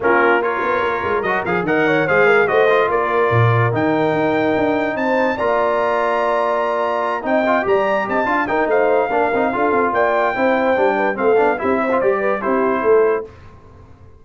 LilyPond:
<<
  \new Staff \with { instrumentName = "trumpet" } { \time 4/4 \tempo 4 = 145 ais'4 cis''2 dis''8 f''8 | fis''4 f''4 dis''4 d''4~ | d''4 g''2. | a''4 ais''2.~ |
ais''4. g''4 ais''4 a''8~ | a''8 g''8 f''2. | g''2. f''4 | e''4 d''4 c''2 | }
  \new Staff \with { instrumentName = "horn" } { \time 4/4 f'4 ais'2. | dis''8 cis''8 c''8 ais'8 c''4 ais'4~ | ais'1 | c''4 d''2.~ |
d''4. dis''4 d''4 dis''8 | f''8 ais'8 c''4 ais'4 a'4 | d''4 c''4. b'8 a'4 | g'8 c''4 b'8 g'4 a'4 | }
  \new Staff \with { instrumentName = "trombone" } { \time 4/4 cis'4 f'2 fis'8 gis'8 | ais'4 gis'4 fis'8 f'4.~ | f'4 dis'2.~ | dis'4 f'2.~ |
f'4. dis'8 f'8 g'4. | f'8 dis'4. d'8 dis'8 f'4~ | f'4 e'4 d'4 c'8 d'8 | e'8. f'16 g'4 e'2 | }
  \new Staff \with { instrumentName = "tuba" } { \time 4/4 ais4. b8 ais8 gis8 fis8 f8 | dis4 gis4 a4 ais4 | ais,4 dis4 dis'4 d'4 | c'4 ais2.~ |
ais4. c'4 g4 c'8 | d'8 dis'8 a4 ais8 c'8 d'8 c'8 | ais4 c'4 g4 a8 b8 | c'4 g4 c'4 a4 | }
>>